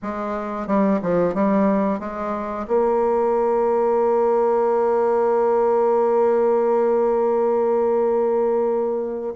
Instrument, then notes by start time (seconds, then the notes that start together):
bassoon
0.02 G#3
0.67 G3
1.02 F3
1.34 G3
1.99 G#3
2.67 A#3